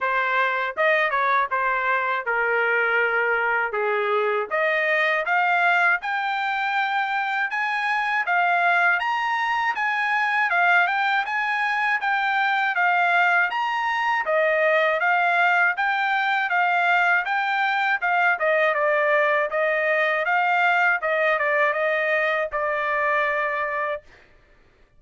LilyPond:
\new Staff \with { instrumentName = "trumpet" } { \time 4/4 \tempo 4 = 80 c''4 dis''8 cis''8 c''4 ais'4~ | ais'4 gis'4 dis''4 f''4 | g''2 gis''4 f''4 | ais''4 gis''4 f''8 g''8 gis''4 |
g''4 f''4 ais''4 dis''4 | f''4 g''4 f''4 g''4 | f''8 dis''8 d''4 dis''4 f''4 | dis''8 d''8 dis''4 d''2 | }